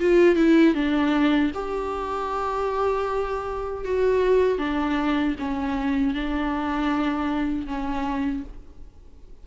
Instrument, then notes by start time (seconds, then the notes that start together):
viola
0.00 F4
0.36 E4
0.74 D4
1.54 G4
3.85 F#4
4.59 D4
5.39 C#4
6.14 D4
7.66 C#4